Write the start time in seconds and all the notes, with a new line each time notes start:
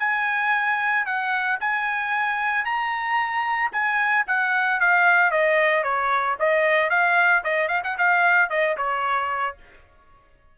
0.00 G#5
1.06 F#5
1.61 G#5
2.65 A#5
3.73 G#5
4.28 F#5
4.81 F5
5.32 D#5
5.84 C#5
6.40 D#5
6.90 F5
7.44 D#5
7.69 F5
7.84 F#5
7.98 F5
8.50 D#5
8.77 C#5